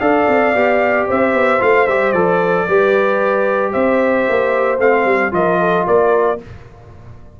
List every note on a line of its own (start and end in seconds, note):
0.00 0.27 D4
0.00 0.54 A4
0.00 1.07 D5
0.00 1.06 F5
0.27 0.54 C4
0.54 1.07 B3
0.54 1.59 G4
1.07 1.34 C4
1.07 2.66 C5
1.07 1.61 E5
1.34 1.60 B3
1.59 1.87 A3
1.59 1.85 F4
1.59 1.87 F5
1.87 2.13 G3
1.87 2.14 G4
1.87 2.12 E5
2.12 2.66 F3
2.12 2.67 A4
2.12 3.71 D5
2.67 3.74 G3
2.67 4.79 G4
2.67 3.72 B4
3.72 4.27 C4
3.72 5.31 C5
3.72 4.78 E5
4.29 4.78 A#3
4.78 5.05 A3
4.78 5.31 C4
4.78 5.33 F5
5.05 5.31 G3
5.31 5.85 F3
5.31 6.37 F4
5.31 5.59 A#4
5.31 5.87 D#5
5.59 5.86 A4
5.86 6.40 A#3
5.86 6.39 A#4
5.86 6.40 D5